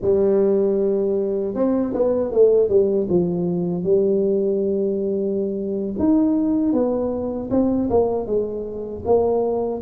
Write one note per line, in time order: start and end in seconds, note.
0.01 1.54 G3
1.54 1.92 C4
1.93 2.31 B3
2.31 2.68 A3
2.68 3.07 G3
3.09 3.83 F3
3.83 5.94 G3
5.99 6.72 D#4
6.72 7.49 B3
7.50 7.88 C4
7.90 8.26 A#3
8.26 9.03 G#3
9.05 9.82 A#3